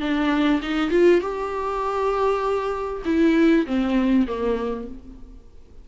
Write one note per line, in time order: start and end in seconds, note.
0.00 0.61 D4
0.62 0.90 D#4
0.90 1.20 F4
1.20 3.02 G4
3.05 3.66 E4
3.66 4.26 C4
4.27 4.87 A#3